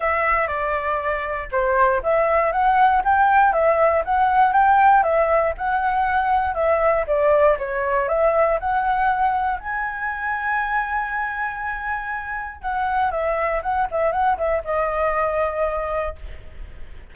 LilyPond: \new Staff \with { instrumentName = "flute" } { \time 4/4 \tempo 4 = 119 e''4 d''2 c''4 | e''4 fis''4 g''4 e''4 | fis''4 g''4 e''4 fis''4~ | fis''4 e''4 d''4 cis''4 |
e''4 fis''2 gis''4~ | gis''1~ | gis''4 fis''4 e''4 fis''8 e''8 | fis''8 e''8 dis''2. | }